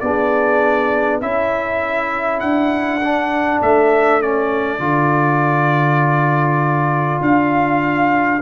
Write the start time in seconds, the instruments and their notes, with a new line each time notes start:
0.00 tuba B3, trombone D4, horn G#4, trumpet D5
1.21 tuba C#4, trombone E4, horn A4, trumpet E5
2.40 tuba D4, trumpet F#5
3.04 trombone D4
3.62 tuba A3, trumpet E5
4.21 trombone C#4, trumpet D5
4.79 tuba D3, trombone F4
7.21 tuba D4, trumpet F5